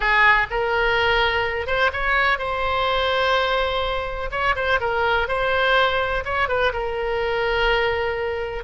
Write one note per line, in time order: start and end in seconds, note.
0.00 0.47 G#4
0.50 1.66 A#4
1.66 1.90 C5
1.92 2.38 C#5
2.38 4.30 C5
4.31 4.55 C#5
4.55 4.79 C5
4.80 5.28 A#4
5.28 6.24 C5
6.24 6.48 C#5
6.48 6.72 B4
6.72 8.64 A#4